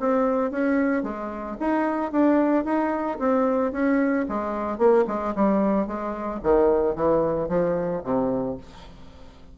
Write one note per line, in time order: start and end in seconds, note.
0.00 0.51 C4
0.51 1.03 C#4
1.03 1.57 G#3
1.60 2.12 D#4
2.12 2.65 D4
2.65 3.19 D#4
3.19 3.72 C4
3.72 4.26 C#4
4.29 4.78 G#3
4.78 5.05 A#3
5.08 5.34 G#3
5.36 5.87 G3
5.87 6.41 G#3
6.43 6.96 D#3
6.96 7.49 E3
7.49 8.02 F3
8.04 8.57 C3